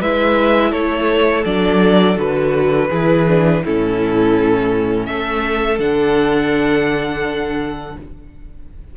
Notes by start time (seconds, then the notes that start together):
0.00 G#3 E4 B4 E5
0.72 A3 A4 C#5
1.45 F#3 D4 D5
2.16 D3 F#4 B4
2.90 E3 E4 G#4
3.28 D4
3.65 A2 C#4 E4 A4
5.06 A3 A4 E5
5.79 D3 D4 F#5